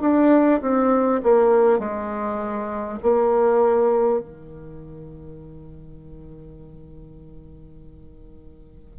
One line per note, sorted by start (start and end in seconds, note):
0.00 0.60 D4
0.61 1.21 C4
1.23 1.78 A#3
1.78 2.98 G#3
3.02 4.19 A#3
4.19 8.99 D#3